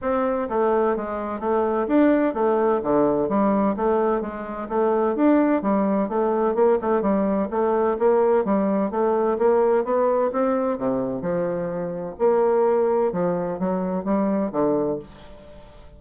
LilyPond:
\new Staff \with { instrumentName = "bassoon" } { \time 4/4 \tempo 4 = 128 c'4 a4 gis4 a4 | d'4 a4 d4 g4 | a4 gis4 a4 d'4 | g4 a4 ais8 a8 g4 |
a4 ais4 g4 a4 | ais4 b4 c'4 c4 | f2 ais2 | f4 fis4 g4 d4 | }